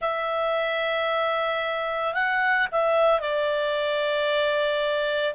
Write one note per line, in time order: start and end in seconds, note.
0.01 2.14 E5
2.14 2.67 F#5
2.71 3.19 E5
3.19 5.34 D5